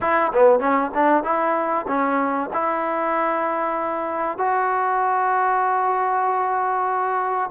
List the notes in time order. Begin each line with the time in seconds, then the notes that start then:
0.00 E4
0.33 B3
0.59 C#4
0.94 D4
1.23 E4
1.87 C#4
2.53 E4
4.38 F#4